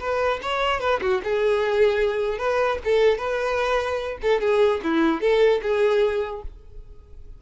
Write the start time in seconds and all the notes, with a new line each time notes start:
0.00 B4
0.42 C#5
0.80 B4
1.02 F#4
1.24 G#4
2.38 B4
2.84 A4
3.18 B4
4.22 A4
4.41 G#4
4.84 E4
5.21 A4
5.62 G#4